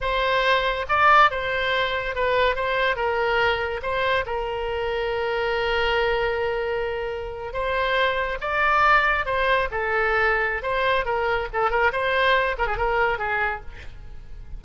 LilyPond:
\new Staff \with { instrumentName = "oboe" } { \time 4/4 \tempo 4 = 141 c''2 d''4 c''4~ | c''4 b'4 c''4 ais'4~ | ais'4 c''4 ais'2~ | ais'1~ |
ais'4.~ ais'16 c''2 d''16~ | d''4.~ d''16 c''4 a'4~ a'16~ | a'4 c''4 ais'4 a'8 ais'8 | c''4. ais'16 gis'16 ais'4 gis'4 | }